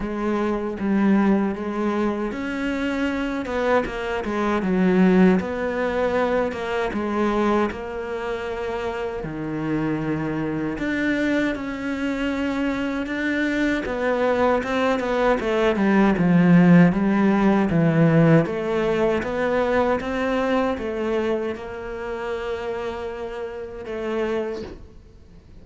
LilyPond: \new Staff \with { instrumentName = "cello" } { \time 4/4 \tempo 4 = 78 gis4 g4 gis4 cis'4~ | cis'8 b8 ais8 gis8 fis4 b4~ | b8 ais8 gis4 ais2 | dis2 d'4 cis'4~ |
cis'4 d'4 b4 c'8 b8 | a8 g8 f4 g4 e4 | a4 b4 c'4 a4 | ais2. a4 | }